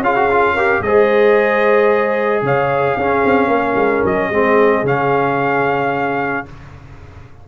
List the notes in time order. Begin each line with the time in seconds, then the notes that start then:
0.00 C#4 F4 G#4 F5
0.16 F#4
0.30 F4
0.54 G4 A#4
0.81 G#3 G#4 C5 D#5
2.42 C#3 C#5 F5
2.95 C#4 G#4
3.25 C4
3.48 A#3 A#4
3.76 G#3
4.04 F#3 D#5
4.29 G#3 C4 G#4
4.83 C#3 C#4 F5